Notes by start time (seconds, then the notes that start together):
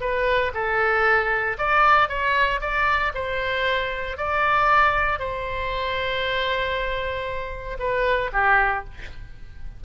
0.00 B4
0.54 A4
1.58 D5
2.09 C#5
2.61 D5
3.14 C5
4.17 D5
5.19 C5
7.79 B4
8.33 G4